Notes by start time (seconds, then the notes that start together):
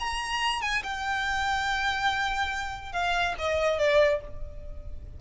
0.00 A#5
0.62 G#5
0.84 G5
2.93 F5
3.39 D#5
3.79 D5